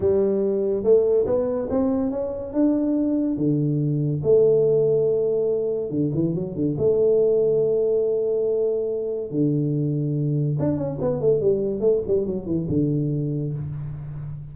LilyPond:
\new Staff \with { instrumentName = "tuba" } { \time 4/4 \tempo 4 = 142 g2 a4 b4 | c'4 cis'4 d'2 | d2 a2~ | a2 d8 e8 fis8 d8 |
a1~ | a2 d2~ | d4 d'8 cis'8 b8 a8 g4 | a8 g8 fis8 e8 d2 | }